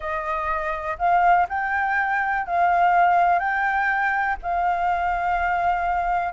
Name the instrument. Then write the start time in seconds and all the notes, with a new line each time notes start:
flute
0.00 D#5
0.98 F5
1.48 G5
2.46 F5
3.39 G5
4.42 F5